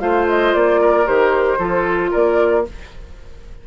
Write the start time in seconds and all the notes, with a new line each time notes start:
0.00 A3 F4 C5 F5
0.29 D#5
0.55 A#3 D5
0.81 A#4
1.05 D#3 G4 C5
1.59 F3 F4 A4
2.11 A#3 A#4 D5